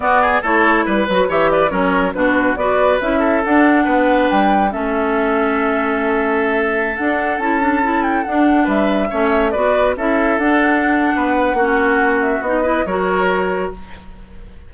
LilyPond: <<
  \new Staff \with { instrumentName = "flute" } { \time 4/4 \tempo 4 = 140 d''4 cis''4 b'4 e''8 d''8 | cis''4 b'4 d''4 e''4 | fis''2 g''4 e''4~ | e''1~ |
e''16 fis''4 a''4. g''8 fis''8.~ | fis''16 e''2 d''4 e''8.~ | e''16 fis''2.~ fis''8.~ | fis''8 e''8 dis''4 cis''2 | }
  \new Staff \with { instrumentName = "oboe" } { \time 4/4 fis'8 gis'8 a'4 b'4 cis''8 b'8 | ais'4 fis'4 b'4. a'8~ | a'4 b'2 a'4~ | a'1~ |
a'1~ | a'16 b'4 cis''4 b'4 a'8.~ | a'2 b'4 fis'4~ | fis'4. b'8 ais'2 | }
  \new Staff \with { instrumentName = "clarinet" } { \time 4/4 b4 e'4. fis'8 g'4 | cis'4 d'4 fis'4 e'4 | d'2. cis'4~ | cis'1~ |
cis'16 d'4 e'8 d'8 e'4 d'8.~ | d'4~ d'16 cis'4 fis'4 e'8.~ | e'16 d'2~ d'8. cis'4~ | cis'4 dis'8 e'8 fis'2 | }
  \new Staff \with { instrumentName = "bassoon" } { \time 4/4 b4 a4 g8 fis8 e4 | fis4 b,4 b4 cis'4 | d'4 b4 g4 a4~ | a1~ |
a16 d'4 cis'2 d'8.~ | d'16 g4 a4 b4 cis'8.~ | cis'16 d'4.~ d'16 b4 ais4~ | ais4 b4 fis2 | }
>>